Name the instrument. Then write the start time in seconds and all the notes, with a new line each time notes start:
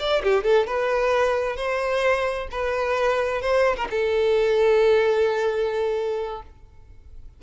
violin
0.00 D5
0.24 G4
0.44 A4
0.67 B4
1.57 C5
2.52 B4
3.42 C5
3.77 A#4
3.91 A4